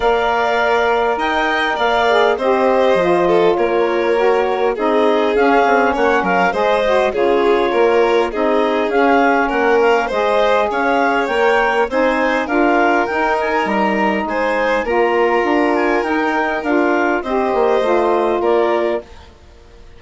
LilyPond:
<<
  \new Staff \with { instrumentName = "clarinet" } { \time 4/4 \tempo 4 = 101 f''2 g''4 f''4 | dis''2 cis''2 | dis''4 f''4 fis''8 f''8 dis''4 | cis''2 dis''4 f''4 |
fis''8 f''8 dis''4 f''4 g''4 | gis''4 f''4 g''8 gis''8 ais''4 | gis''4 ais''4. gis''8 g''4 | f''4 dis''2 d''4 | }
  \new Staff \with { instrumentName = "violin" } { \time 4/4 d''2 dis''4 d''4 | c''4. a'8 ais'2 | gis'2 cis''8 ais'8 c''4 | gis'4 ais'4 gis'2 |
ais'4 c''4 cis''2 | c''4 ais'2. | c''4 ais'2.~ | ais'4 c''2 ais'4 | }
  \new Staff \with { instrumentName = "saxophone" } { \time 4/4 ais'2.~ ais'8 gis'8 | g'4 f'2 fis'4 | dis'4 cis'2 gis'8 fis'8 | f'2 dis'4 cis'4~ |
cis'4 gis'2 ais'4 | dis'4 f'4 dis'2~ | dis'4 f'2 dis'4 | f'4 g'4 f'2 | }
  \new Staff \with { instrumentName = "bassoon" } { \time 4/4 ais2 dis'4 ais4 | c'4 f4 ais2 | c'4 cis'8 c'8 ais8 fis8 gis4 | cis4 ais4 c'4 cis'4 |
ais4 gis4 cis'4 ais4 | c'4 d'4 dis'4 g4 | gis4 ais4 d'4 dis'4 | d'4 c'8 ais8 a4 ais4 | }
>>